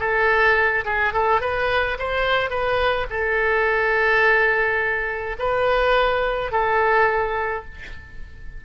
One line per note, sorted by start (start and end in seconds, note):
0.00 0.85 A4
0.85 1.13 G#4
1.14 1.42 A4
1.42 1.98 B4
1.99 2.50 C5
2.50 3.07 B4
3.11 5.37 A4
5.39 6.52 B4
6.52 7.65 A4